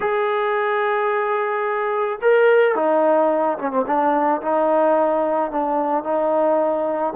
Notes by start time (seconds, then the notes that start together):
0.00 G#4
2.21 A#4
2.75 D#4
3.58 C#4
3.71 C4
3.86 D4
4.41 D#4
5.51 D4
6.03 D#4